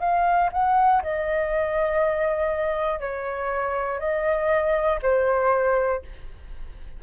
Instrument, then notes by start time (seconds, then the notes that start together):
flute
0.00 F5
0.53 F#5
1.03 D#5
3.00 C#5
4.00 D#5
5.02 C5